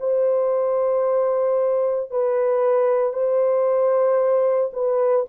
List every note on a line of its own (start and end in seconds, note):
0.00 2.11 C5
2.11 3.13 B4
3.13 4.71 C5
4.73 5.26 B4